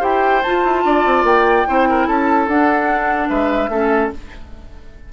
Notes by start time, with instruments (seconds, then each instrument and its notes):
0.00 bassoon E4, clarinet G4, oboe C5, flute G5
0.43 clarinet F4, bassoon F4, flute A5
0.64 bassoon E4
0.85 bassoon D4, oboe D5
1.06 bassoon C4
1.24 bassoon A#3, flute G5
1.67 bassoon C4, clarinet E4, oboe C5
1.90 oboe A#4
2.07 bassoon C#4, oboe A4, flute A5
2.48 bassoon D4, clarinet D4, flute F#5
3.28 bassoon G#3, oboe B4, flute E5
3.69 bassoon A3, clarinet C#4, oboe A4